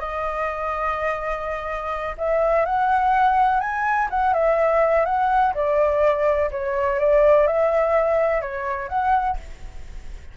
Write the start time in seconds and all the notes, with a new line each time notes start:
0.00 D#5
2.18 E5
2.66 F#5
3.60 G#5
4.11 F#5
4.34 E5
5.06 F#5
5.55 D5
6.51 C#5
6.99 D5
7.47 E5
8.42 C#5
8.89 F#5